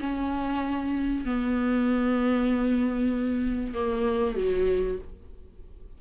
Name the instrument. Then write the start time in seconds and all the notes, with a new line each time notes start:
viola
0.00 C#4
1.25 B3
3.74 A#3
4.36 F#3